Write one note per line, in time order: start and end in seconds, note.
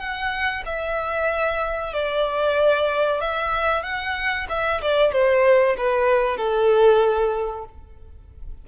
0.00 0.64 F#5
0.66 1.94 E5
1.94 3.21 D5
3.21 3.83 E5
3.83 4.47 F#5
4.50 4.82 E5
4.82 5.13 D5
5.13 5.76 C5
5.78 6.37 B4
6.37 7.65 A4